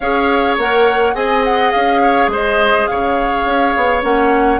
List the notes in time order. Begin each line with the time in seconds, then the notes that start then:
0.00 C#4 G#4 C#5 F5
0.57 A#3 A#4 F#5
1.14 C4 G#4 D#5 G#5
1.44 F#5
1.71 C#4 F5
2.01 C#5
2.27 G#3 C5
2.34 D#5
2.87 C#3 C#5 F5
3.45 C#4
3.76 B3
4.02 A#3 C#4 F#5